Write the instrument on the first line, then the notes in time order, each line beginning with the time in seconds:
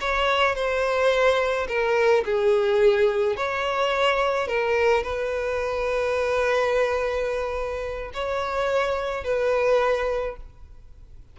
violin
0.00 C#5
0.55 C5
1.68 A#4
2.25 G#4
3.36 C#5
4.48 A#4
5.03 B4
8.14 C#5
9.24 B4